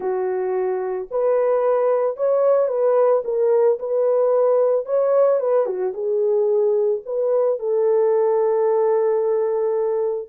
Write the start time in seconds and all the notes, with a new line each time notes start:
0.00 F#4
1.11 B4
2.16 C#5
2.68 B4
3.24 A#4
3.79 B4
4.85 C#5
5.40 B4
5.66 F#4
5.93 G#4
7.05 B4
7.59 A4